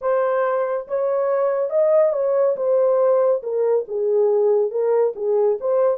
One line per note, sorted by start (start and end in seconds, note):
0.01 0.87 C5
0.87 1.69 C#5
1.69 2.12 D#5
2.13 2.55 C#5
2.56 3.42 C5
3.42 3.85 A#4
3.87 4.70 G#4
4.70 5.13 A#4
5.15 5.58 G#4
5.60 5.97 C5